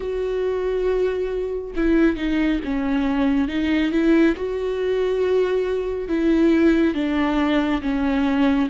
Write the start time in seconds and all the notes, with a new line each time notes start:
0.00 F#4
1.75 E4
2.16 D#4
2.64 C#4
3.48 D#4
3.91 E4
4.36 F#4
6.08 E4
6.94 D4
7.81 C#4